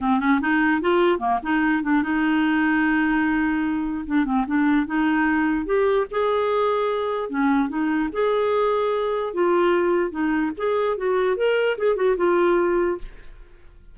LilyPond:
\new Staff \with { instrumentName = "clarinet" } { \time 4/4 \tempo 4 = 148 c'8 cis'8 dis'4 f'4 ais8 dis'8~ | dis'8 d'8 dis'2.~ | dis'2 d'8 c'8 d'4 | dis'2 g'4 gis'4~ |
gis'2 cis'4 dis'4 | gis'2. f'4~ | f'4 dis'4 gis'4 fis'4 | ais'4 gis'8 fis'8 f'2 | }